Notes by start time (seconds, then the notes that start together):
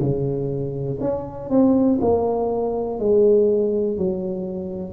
0.00 C#3
1.01 C#4
1.50 C4
2.01 A#3
3.00 G#3
3.98 F#3